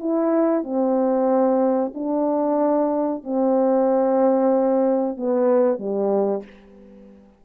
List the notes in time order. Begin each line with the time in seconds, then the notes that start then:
0.00 E4
0.64 C4
1.95 D4
3.24 C4
5.17 B3
5.79 G3